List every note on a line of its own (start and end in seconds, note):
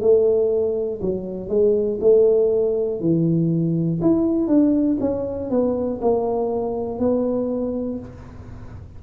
0.00 1.00 A3
1.01 1.49 F#3
1.49 1.99 G#3
2.00 3.00 A3
3.00 4.00 E3
4.01 4.47 E4
4.47 4.97 D4
5.00 5.50 C#4
5.50 6.00 B3
6.01 6.99 A#3
6.99 7.99 B3